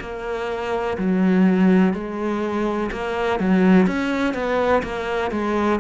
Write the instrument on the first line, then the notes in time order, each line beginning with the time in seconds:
cello
0.00 A#3
0.97 F#3
1.93 G#3
2.91 A#3
3.39 F#3
3.87 C#4
4.34 B3
4.83 A#3
5.31 G#3